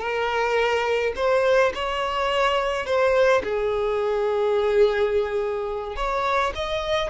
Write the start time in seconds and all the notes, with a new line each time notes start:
0.00 A#4
1.16 C5
1.75 C#5
2.86 C5
3.44 G#4
5.97 C#5
6.55 D#5